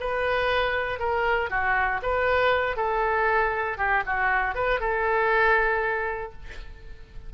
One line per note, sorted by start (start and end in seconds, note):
0.00 0.99 B4
0.99 1.50 A#4
1.50 2.01 F#4
2.02 2.76 B4
2.76 3.78 A4
3.78 4.03 G4
4.06 4.55 F#4
4.55 4.80 B4
4.80 6.32 A4